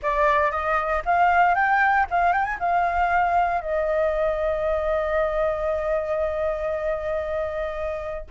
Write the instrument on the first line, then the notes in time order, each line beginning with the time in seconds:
flute
0.02 D5
0.51 D#5
1.05 F5
1.54 G5
2.10 F5
2.32 G5
2.44 G#5
2.59 F5
3.61 D#5